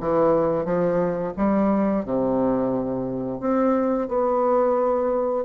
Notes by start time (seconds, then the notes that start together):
0.00 E3
0.65 F3
1.37 G3
2.05 C3
3.40 C4
4.08 B3